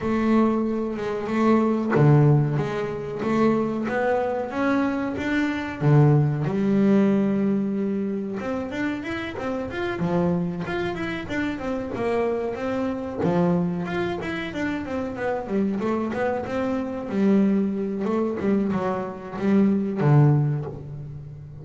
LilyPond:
\new Staff \with { instrumentName = "double bass" } { \time 4/4 \tempo 4 = 93 a4. gis8 a4 d4 | gis4 a4 b4 cis'4 | d'4 d4 g2~ | g4 c'8 d'8 e'8 c'8 f'8 f8~ |
f8 f'8 e'8 d'8 c'8 ais4 c'8~ | c'8 f4 f'8 e'8 d'8 c'8 b8 | g8 a8 b8 c'4 g4. | a8 g8 fis4 g4 d4 | }